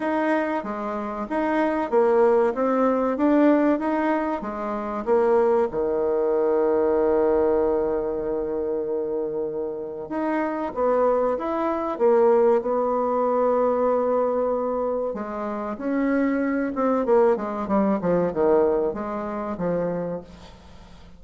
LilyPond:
\new Staff \with { instrumentName = "bassoon" } { \time 4/4 \tempo 4 = 95 dis'4 gis4 dis'4 ais4 | c'4 d'4 dis'4 gis4 | ais4 dis2.~ | dis1 |
dis'4 b4 e'4 ais4 | b1 | gis4 cis'4. c'8 ais8 gis8 | g8 f8 dis4 gis4 f4 | }